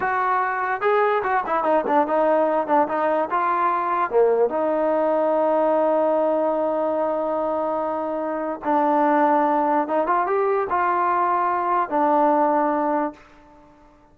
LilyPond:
\new Staff \with { instrumentName = "trombone" } { \time 4/4 \tempo 4 = 146 fis'2 gis'4 fis'8 e'8 | dis'8 d'8 dis'4. d'8 dis'4 | f'2 ais4 dis'4~ | dis'1~ |
dis'1~ | dis'4 d'2. | dis'8 f'8 g'4 f'2~ | f'4 d'2. | }